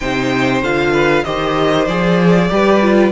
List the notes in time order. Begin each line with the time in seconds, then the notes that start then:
0.00 C3 D#4 C5 G5
0.62 D3 F4 F5
0.91 B4
1.23 D#3 G4 C5 D#5
1.86 F3 G#4 D5
2.49 G3 G4 B4
2.81 F4